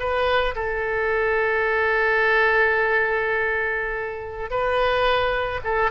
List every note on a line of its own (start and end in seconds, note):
0.00 0.55 B4
0.55 4.51 A4
4.51 5.61 B4
5.64 5.91 A4